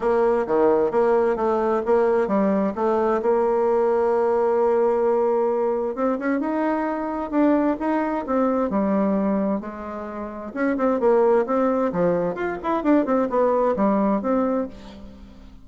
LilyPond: \new Staff \with { instrumentName = "bassoon" } { \time 4/4 \tempo 4 = 131 ais4 dis4 ais4 a4 | ais4 g4 a4 ais4~ | ais1~ | ais4 c'8 cis'8 dis'2 |
d'4 dis'4 c'4 g4~ | g4 gis2 cis'8 c'8 | ais4 c'4 f4 f'8 e'8 | d'8 c'8 b4 g4 c'4 | }